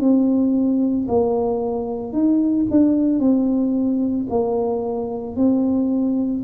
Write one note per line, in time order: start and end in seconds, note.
0.00 1.07 C4
1.08 2.13 A#3
2.13 2.66 D#4
2.71 3.19 D4
3.19 4.27 C4
4.30 5.36 A#3
5.36 6.43 C4